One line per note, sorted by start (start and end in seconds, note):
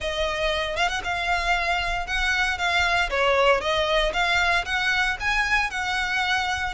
0.00 0.76 D#5
0.76 0.88 F5
0.88 1.01 F#5
1.04 2.06 F5
2.06 2.58 F#5
2.58 3.09 F5
3.10 3.60 C#5
3.60 4.12 D#5
4.13 4.64 F5
4.65 5.17 F#5
5.20 5.70 G#5
5.70 6.73 F#5